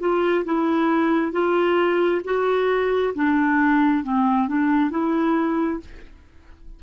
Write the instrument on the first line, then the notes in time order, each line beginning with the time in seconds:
clarinet
0.00 F4
0.45 E4
1.32 F4
2.24 F#4
3.14 D4
4.04 C4
4.48 D4
4.90 E4